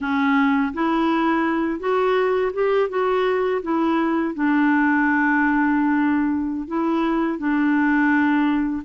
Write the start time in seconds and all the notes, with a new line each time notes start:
0.00 C#4
0.73 E4
1.79 F#4
2.53 G4
2.89 F#4
3.62 E4
4.34 D4
6.67 E4
7.38 D4